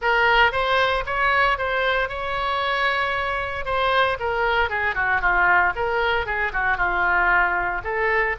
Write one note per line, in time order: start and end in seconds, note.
0.01 0.51 A#4
0.51 1.04 C5
1.06 1.57 C#5
1.57 2.08 C5
2.08 3.65 C#5
3.65 4.17 C5
4.19 4.69 A#4
4.69 4.94 G#4
4.94 5.21 F#4
5.21 5.73 F4
5.75 6.26 A#4
6.26 6.52 G#4
6.52 6.77 F#4
6.77 7.81 F4
7.84 8.36 A4